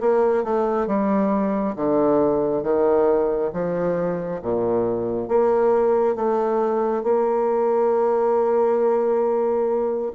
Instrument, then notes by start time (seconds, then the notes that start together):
bassoon
0.00 A#3
0.44 A3
0.87 G3
1.76 D3
2.63 D#3
3.53 F3
4.42 A#2
5.28 A#3
6.15 A3
7.03 A#3